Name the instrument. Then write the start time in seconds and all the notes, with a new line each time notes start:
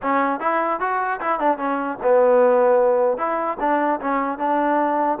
trombone
0.02 C#4
0.40 E4
0.79 F#4
1.20 E4
1.39 D4
1.58 C#4
2.02 B3
3.17 E4
3.59 D4
4.00 C#4
4.38 D4